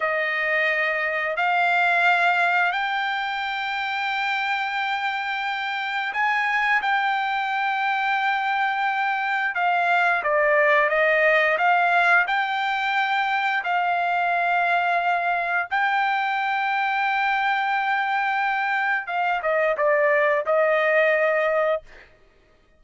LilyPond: \new Staff \with { instrumentName = "trumpet" } { \time 4/4 \tempo 4 = 88 dis''2 f''2 | g''1~ | g''4 gis''4 g''2~ | g''2 f''4 d''4 |
dis''4 f''4 g''2 | f''2. g''4~ | g''1 | f''8 dis''8 d''4 dis''2 | }